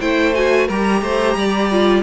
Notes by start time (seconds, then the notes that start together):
0.00 A3 E4 C5 G5
0.34 F#4 G#5
0.67 G3 G4 A#4 A#5
1.02 A3 C5
1.35 G3 D5
1.71 F4